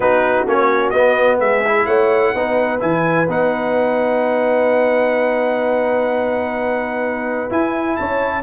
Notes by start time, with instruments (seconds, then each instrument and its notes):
0.00 tuba B3, trombone D#4, horn F#4, trumpet B4
0.46 tuba A#3, trombone C#4, trumpet C#5
0.90 tuba B3, trombone B3, trumpet D#5
1.39 tuba G#3, horn G#4, trumpet E5
1.65 trombone E4
1.86 tuba A3, horn C#5, trumpet F#5
2.34 tuba B3, trombone D#4, horn B4
2.79 tuba E3, trombone E4, trumpet G#5
3.28 tuba B3, trombone D#4, trumpet F#5
7.49 trombone E4, tuba E4, trumpet G#5
7.96 tuba C#4, horn C#5, trumpet A5